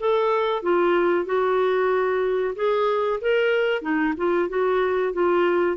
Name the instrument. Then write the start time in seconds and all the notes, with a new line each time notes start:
clarinet
0.00 A4
0.63 F4
1.26 F#4
2.56 G#4
3.22 A#4
3.82 D#4
4.17 F4
4.50 F#4
5.13 F4